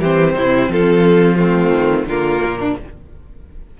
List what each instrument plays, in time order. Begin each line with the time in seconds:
0.00 cello E3, viola C4, violin G4 C5
0.34 cello C3, violin E4
0.68 cello F3, violin F4 A4
1.36 viola A3, violin C4 F4
1.70 cello D#3
2.05 cello D3, viola A#3, violin F4 A#4
2.44 cello A#2
2.58 violin D4